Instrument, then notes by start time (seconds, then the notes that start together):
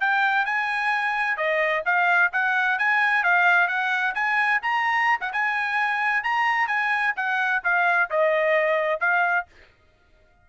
trumpet
0.00 G5
0.45 G#5
1.37 D#5
1.85 F5
2.32 F#5
2.79 G#5
3.23 F5
3.68 F#5
4.15 G#5
4.62 A#5
5.20 F#5
5.32 G#5
6.23 A#5
6.67 G#5
7.16 F#5
7.63 F5
8.10 D#5
9.00 F5